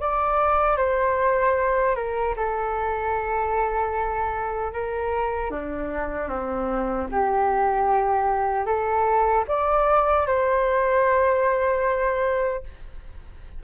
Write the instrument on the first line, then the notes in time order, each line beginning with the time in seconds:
flute
0.00 D5
0.77 C5
1.96 A#4
2.36 A4
4.72 A#4
5.51 D4
6.28 C4
7.11 G4
8.66 A4
9.48 D5
10.27 C5